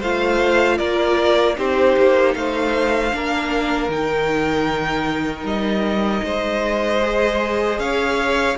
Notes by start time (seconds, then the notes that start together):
0.00 A3 F4 C5 F5
0.78 A#3 A#4 D5
1.56 C4 D#4 G4 C5
1.97 A#3
2.34 A3 C5 F5
3.12 A#3 D4 A#4
3.88 D#3 D#4 G5
5.43 G3 D#5
6.24 G#3 C5
7.01 G#4
7.79 C#4 C#5 F5